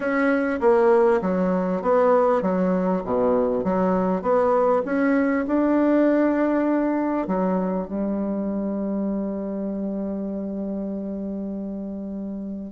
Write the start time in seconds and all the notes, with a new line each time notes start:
0.00 C#4
0.60 A#3
1.21 F#3
1.82 B3
2.42 F#3
3.04 B2
3.64 F#3
4.21 B3
4.85 C#4
5.47 D4
7.27 F#3
7.87 G3